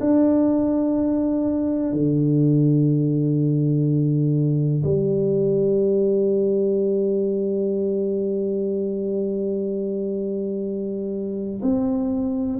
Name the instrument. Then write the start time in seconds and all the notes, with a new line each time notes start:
tuba
0.00 D4
1.93 D3
4.84 G3
11.62 C4